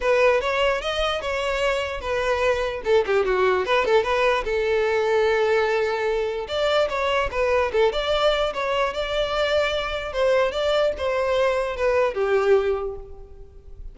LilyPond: \new Staff \with { instrumentName = "violin" } { \time 4/4 \tempo 4 = 148 b'4 cis''4 dis''4 cis''4~ | cis''4 b'2 a'8 g'8 | fis'4 b'8 a'8 b'4 a'4~ | a'1 |
d''4 cis''4 b'4 a'8 d''8~ | d''4 cis''4 d''2~ | d''4 c''4 d''4 c''4~ | c''4 b'4 g'2 | }